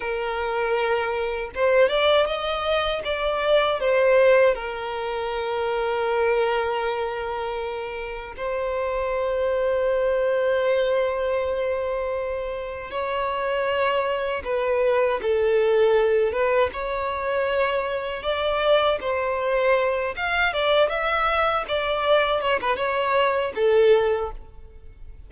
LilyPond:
\new Staff \with { instrumentName = "violin" } { \time 4/4 \tempo 4 = 79 ais'2 c''8 d''8 dis''4 | d''4 c''4 ais'2~ | ais'2. c''4~ | c''1~ |
c''4 cis''2 b'4 | a'4. b'8 cis''2 | d''4 c''4. f''8 d''8 e''8~ | e''8 d''4 cis''16 b'16 cis''4 a'4 | }